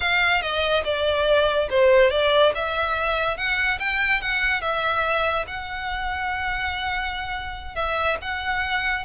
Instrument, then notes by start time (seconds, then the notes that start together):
violin
0.00 F5
0.41 D#5
0.84 D5
1.70 C5
2.10 D5
2.54 E5
3.37 F#5
3.79 G5
4.21 F#5
4.61 E5
5.47 F#5
7.75 E5
8.21 F#5